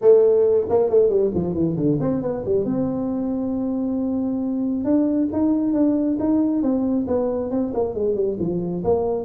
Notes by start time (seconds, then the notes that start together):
0.01 A3
0.69 A#3
0.89 A3
1.09 G3
1.34 F3
1.53 E3
1.76 D3
2.00 C4
2.22 B3
2.45 G3
2.65 C4
4.84 D4
5.32 D#4
5.73 D4
6.19 D#4
6.62 C4
7.07 B3
7.50 C4
7.73 A#3
7.94 G#3
8.15 G3
8.39 F3
8.84 A#3